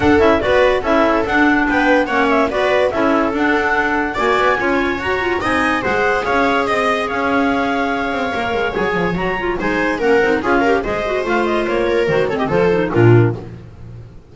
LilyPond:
<<
  \new Staff \with { instrumentName = "clarinet" } { \time 4/4 \tempo 4 = 144 fis''8 e''8 d''4 e''4 fis''4 | g''4 fis''8 e''8 d''4 e''4 | fis''2 gis''2 | ais''4 gis''4 fis''4 f''4 |
dis''4 f''2.~ | f''4 gis''4 ais''4 gis''4 | fis''4 f''4 dis''4 f''8 dis''8 | cis''4 c''8 cis''16 dis''16 c''4 ais'4 | }
  \new Staff \with { instrumentName = "viola" } { \time 4/4 a'4 b'4 a'2 | b'4 cis''4 b'4 a'4~ | a'2 d''4 cis''4~ | cis''4 dis''4 c''4 cis''4 |
dis''4 cis''2.~ | cis''2. c''4 | ais'4 gis'8 ais'8 c''2~ | c''8 ais'4 a'16 g'16 a'4 f'4 | }
  \new Staff \with { instrumentName = "clarinet" } { \time 4/4 d'8 e'8 fis'4 e'4 d'4~ | d'4 cis'4 fis'4 e'4 | d'2 fis'4 f'4 | fis'8 f'8 dis'4 gis'2~ |
gis'1 | ais'4 gis'4 fis'8 f'8 dis'4 | cis'8 dis'8 f'8 g'8 gis'8 fis'8 f'4~ | f'4 fis'8 c'8 f'8 dis'8 d'4 | }
  \new Staff \with { instrumentName = "double bass" } { \time 4/4 d'8 cis'8 b4 cis'4 d'4 | b4 ais4 b4 cis'4 | d'2 ais8 b8 cis'4 | fis'4 c'4 gis4 cis'4 |
c'4 cis'2~ cis'8 c'8 | ais8 gis8 fis8 f8 fis4 gis4 | ais8 c'8 cis'4 gis4 a4 | ais4 dis4 f4 ais,4 | }
>>